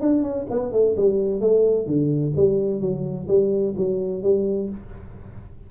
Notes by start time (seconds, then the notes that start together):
0.00 D4
0.22 C#4
0.50 B3
0.72 A3
0.96 G3
1.40 A3
1.86 D3
2.36 G3
2.80 F#3
3.27 G3
3.76 F#3
4.22 G3